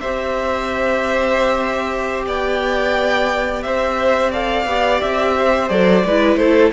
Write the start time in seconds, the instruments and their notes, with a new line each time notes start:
0.00 cello C4, viola G4, violin C5 E5
2.26 cello B3, violin D5 G5
3.62 cello C4, violin C5 E5
4.31 viola A4, violin D5 F5
4.66 cello B3, viola G4
5.01 cello C4, violin E5
5.39 violin C5
5.69 cello F#3, viola A4, violin D5
6.05 cello G#3, viola E4, violin B4
6.36 cello A3, violin A4 C5